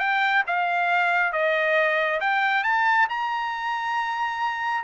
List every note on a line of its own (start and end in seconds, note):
0.00 0.44 G5
0.47 1.33 F5
1.33 2.20 D#5
2.21 2.64 G5
2.64 3.08 A5
3.09 4.84 A#5